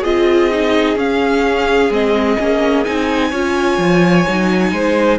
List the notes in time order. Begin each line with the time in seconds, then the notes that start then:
0.00 C4 F4 G#4 D#5
0.51 D#4
0.96 C#4 F5
1.89 G#3 C4 D#5
2.38 A#3 C#4
2.84 C4 D#4 G#5
3.30 C#4 F4 C#5
3.78 F3
4.27 F#3 D#4
4.71 G#3 C5